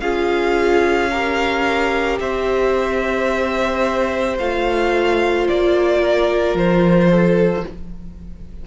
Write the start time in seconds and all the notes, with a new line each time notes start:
0.00 C#4 F4 G#4 F5
1.11 G4 A#4
2.20 C4 C5 E5
4.38 A3 F4 F5
5.48 A#3 D5
6.01 A#4
6.54 F3 C5
7.10 A4